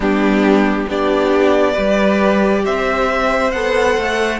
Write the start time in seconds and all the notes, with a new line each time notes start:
0.00 G3 B3 D4 G4
0.88 B3 D4 G4 D5
1.72 G3 G4 B4
2.65 C4 C5 E5
3.51 B3 A4 F#5
3.97 A3